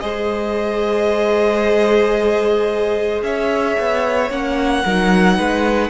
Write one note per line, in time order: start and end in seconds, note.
0.00 3.23 G#3
0.00 4.30 G#4
0.00 3.24 C5
0.00 3.21 D#5
3.23 3.76 C#4
3.23 4.84 C#5
3.23 4.31 E5
3.80 4.31 B3
4.30 4.84 A#3
4.30 4.84 C#4
4.30 5.90 F#5
4.84 5.39 F#3
4.84 5.90 D#4
4.84 5.37 A#4
5.37 5.90 G#3
5.37 5.90 B4